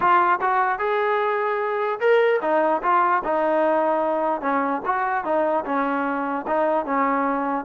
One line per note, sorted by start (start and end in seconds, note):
0.00 0.39 F4
0.41 0.79 F#4
0.79 1.99 G#4
2.00 2.40 A#4
2.41 2.82 D#4
2.82 3.23 F4
3.24 4.41 D#4
4.41 4.81 C#4
4.85 5.24 F#4
5.24 5.64 D#4
5.65 6.45 C#4
6.47 6.85 D#4
6.85 7.64 C#4